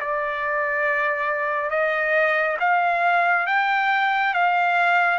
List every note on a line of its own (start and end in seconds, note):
0.00 1.70 D5
1.70 2.57 D#5
2.59 3.46 F5
3.46 4.33 G5
4.33 5.19 F5